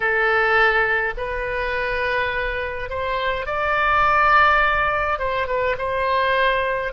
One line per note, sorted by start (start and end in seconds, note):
0.00 1.13 A4
1.17 2.89 B4
2.89 3.46 C5
3.46 5.19 D5
5.19 5.47 C5
5.47 5.75 B4
5.77 6.92 C5